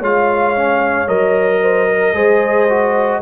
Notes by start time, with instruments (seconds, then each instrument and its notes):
0.00 tuba G#3, trombone F4, horn C#5, trumpet F5
0.57 trombone C#4
1.08 tuba F#3, trombone A#4, trumpet D#5
1.63 horn C5
1.89 horn A#4
2.14 tuba G#3, trombone G#4, horn C5
2.70 trombone F#4